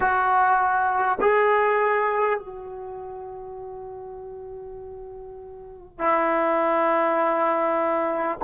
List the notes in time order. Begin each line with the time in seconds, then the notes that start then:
0.00 F#4
1.21 G#4
2.39 F#4
5.98 E4